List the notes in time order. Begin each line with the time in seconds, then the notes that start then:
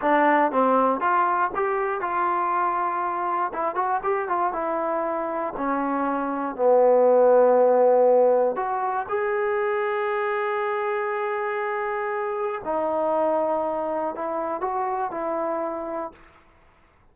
0.01 D4
0.51 C4
1.00 F4
1.55 G4
2.00 F4
3.53 E4
3.75 F#4
4.03 G4
4.28 F4
4.52 E4
5.56 C#4
6.55 B3
8.56 F#4
9.08 G#4
12.64 D#4
14.15 E4
14.60 F#4
15.11 E4